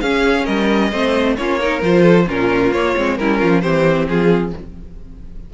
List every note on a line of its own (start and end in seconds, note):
0.00 0.46 C#4
0.00 0.92 C#4
0.00 0.44 G#4
0.00 0.45 F5
0.44 0.92 G3
0.44 0.89 A#4
0.44 1.35 D#5
0.92 1.37 A3
0.92 1.37 C4
0.92 1.37 C5
1.36 1.82 A#3
1.36 1.61 C#4
1.36 1.60 F4
1.36 1.81 C#5
1.60 1.81 D#4
1.60 2.03 A#4
1.81 2.27 F3
1.81 2.27 F4
1.81 2.29 C5
2.03 2.25 A4
2.27 2.71 A#2
2.27 2.73 C#4
2.27 3.17 F4
2.27 2.73 A#4
2.71 2.94 A#3
2.71 2.96 A#3
2.71 3.17 C#5
2.96 3.19 G#3
2.96 3.19 C4
3.17 3.41 G3
3.17 3.62 C#4
3.17 3.38 E4
3.17 3.61 A#4
3.38 3.64 F3
3.38 3.61 F4
3.61 4.08 E3
3.61 4.53 C4
3.61 4.08 G4
3.61 4.06 C5
4.08 4.53 F3
4.08 4.54 F4
4.08 4.53 G#4